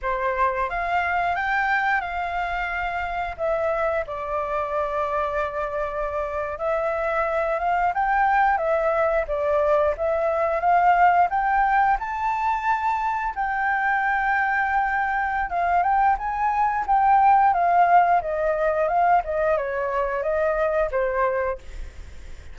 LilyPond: \new Staff \with { instrumentName = "flute" } { \time 4/4 \tempo 4 = 89 c''4 f''4 g''4 f''4~ | f''4 e''4 d''2~ | d''4.~ d''16 e''4. f''8 g''16~ | g''8. e''4 d''4 e''4 f''16~ |
f''8. g''4 a''2 g''16~ | g''2. f''8 g''8 | gis''4 g''4 f''4 dis''4 | f''8 dis''8 cis''4 dis''4 c''4 | }